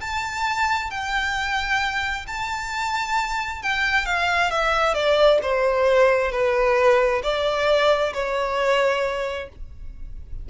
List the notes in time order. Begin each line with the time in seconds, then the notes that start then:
0.00 A5
0.90 G5
2.27 A5
3.62 G5
4.05 F5
4.51 E5
4.94 D5
5.42 C5
6.31 B4
7.23 D5
8.13 C#5